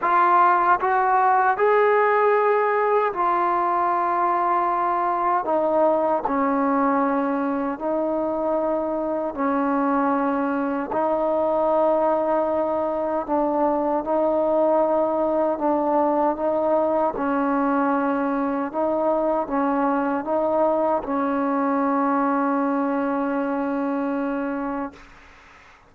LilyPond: \new Staff \with { instrumentName = "trombone" } { \time 4/4 \tempo 4 = 77 f'4 fis'4 gis'2 | f'2. dis'4 | cis'2 dis'2 | cis'2 dis'2~ |
dis'4 d'4 dis'2 | d'4 dis'4 cis'2 | dis'4 cis'4 dis'4 cis'4~ | cis'1 | }